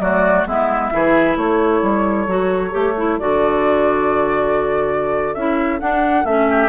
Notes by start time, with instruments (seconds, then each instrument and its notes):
0.00 bassoon F#3, clarinet A3, oboe F#4, flute D5
0.46 bassoon G#3, clarinet B3, oboe E4, flute E5
0.91 bassoon E3, clarinet E4, oboe G#4
1.37 bassoon A3, oboe A4, flute C#5
1.82 bassoon G3
2.28 bassoon F#3, clarinet F#4
2.71 bassoon A3, clarinet G4
2.97 clarinet E4
3.19 bassoon D3, clarinet F#4, flute D5
5.34 bassoon C#4, clarinet E4, flute E5
5.80 clarinet D4, bassoon D4, flute F#5
6.24 bassoon A3, clarinet C#4, flute E5
6.49 oboe G4